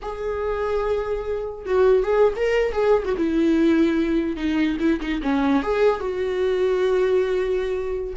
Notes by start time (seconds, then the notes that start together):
0.01 G#4
1.65 F#4
2.03 G#4
2.36 A#4
2.72 G#4
3.04 F#4
3.17 E4
4.36 D#4
4.79 E4
5.00 D#4
5.22 C#4
5.63 G#4
5.99 F#4